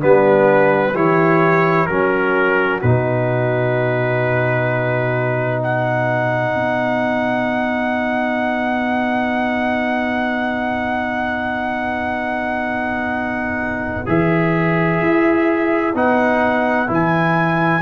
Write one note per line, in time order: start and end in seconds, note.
0.00 0.94 G3
0.00 0.94 B3
0.00 0.94 D4
0.00 0.95 B4
0.94 1.88 E3
0.94 1.88 E4
0.94 1.88 G4
0.94 1.86 C#5
1.86 2.82 F#3
1.86 2.82 C#4
1.86 5.62 F#4
1.86 2.79 A#4
2.81 6.54 B2
2.81 14.06 D#4
2.81 5.62 B4
5.62 17.81 B4
5.62 14.07 F#5
6.54 14.04 B3
14.06 15.01 E3
14.06 15.93 G#4
14.06 15.96 E5
15.01 15.94 E4
15.94 16.88 B3
15.94 16.87 D#4
15.94 16.90 F#5
16.87 17.82 E3
16.87 17.81 E4
16.87 17.82 G#5